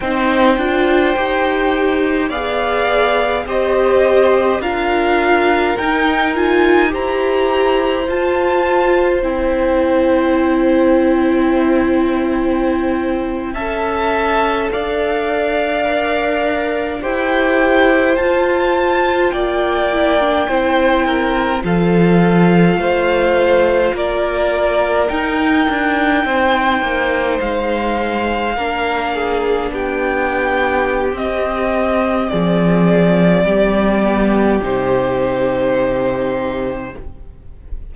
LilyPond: <<
  \new Staff \with { instrumentName = "violin" } { \time 4/4 \tempo 4 = 52 g''2 f''4 dis''4 | f''4 g''8 gis''8 ais''4 a''4 | g''2.~ g''8. a''16~ | a''8. f''2 g''4 a''16~ |
a''8. g''2 f''4~ f''16~ | f''8. d''4 g''2 f''16~ | f''4.~ f''16 g''4~ g''16 dis''4 | d''2 c''2 | }
  \new Staff \with { instrumentName = "violin" } { \time 4/4 c''2 d''4 c''4 | ais'2 c''2~ | c''2.~ c''8. e''16~ | e''8. d''2 c''4~ c''16~ |
c''8. d''4 c''8 ais'8 a'4 c''16~ | c''8. ais'2 c''4~ c''16~ | c''8. ais'8 gis'8 g'2~ g'16 | gis'4 g'2. | }
  \new Staff \with { instrumentName = "viola" } { \time 4/4 dis'8 f'8 g'4 gis'4 g'4 | f'4 dis'8 f'8 g'4 f'4 | e'2.~ e'8. a'16~ | a'4.~ a'16 ais'4 g'4 f'16~ |
f'4~ f'16 e'16 d'16 e'4 f'4~ f'16~ | f'4.~ f'16 dis'2~ dis'16~ | dis'8. d'2~ d'16 c'4~ | c'4. b8 dis'2 | }
  \new Staff \with { instrumentName = "cello" } { \time 4/4 c'8 d'8 dis'4 b4 c'4 | d'4 dis'4 e'4 f'4 | c'2.~ c'8. cis'16~ | cis'8. d'2 e'4 f'16~ |
f'8. ais4 c'4 f4 a16~ | a8. ais4 dis'8 d'8 c'8 ais8 gis16~ | gis8. ais4 b4~ b16 c'4 | f4 g4 c2 | }
>>